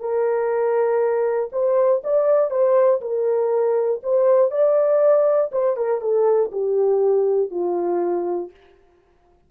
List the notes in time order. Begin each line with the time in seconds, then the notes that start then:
0.00 A#4
1.52 C5
2.04 D5
2.51 C5
3.01 A#4
4.03 C5
4.51 D5
5.52 C5
5.77 A#4
6.01 A4
6.52 G4
7.51 F4